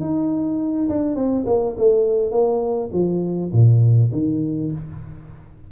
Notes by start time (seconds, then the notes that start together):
0.00 D#4
0.89 D4
1.15 C4
1.46 A#3
1.77 A3
2.31 A#3
2.92 F3
3.52 A#2
4.12 D#3